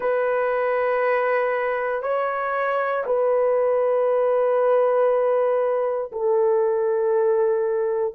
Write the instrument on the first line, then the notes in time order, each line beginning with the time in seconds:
horn
0.00 B4
2.02 C#5
3.06 B4
6.12 A4